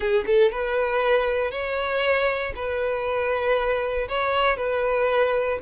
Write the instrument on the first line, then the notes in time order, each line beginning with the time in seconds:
violin
0.00 G#4
0.26 A4
0.51 B4
1.51 C#5
2.55 B4
4.08 C#5
4.56 B4